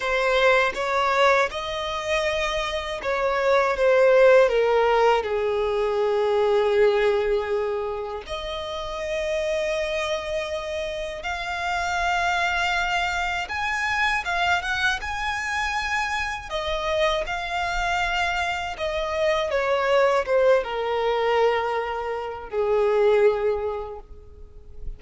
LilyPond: \new Staff \with { instrumentName = "violin" } { \time 4/4 \tempo 4 = 80 c''4 cis''4 dis''2 | cis''4 c''4 ais'4 gis'4~ | gis'2. dis''4~ | dis''2. f''4~ |
f''2 gis''4 f''8 fis''8 | gis''2 dis''4 f''4~ | f''4 dis''4 cis''4 c''8 ais'8~ | ais'2 gis'2 | }